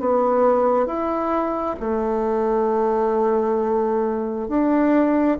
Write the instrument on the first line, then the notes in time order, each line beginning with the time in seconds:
bassoon
0.00 B3
0.86 E4
1.80 A3
4.49 D4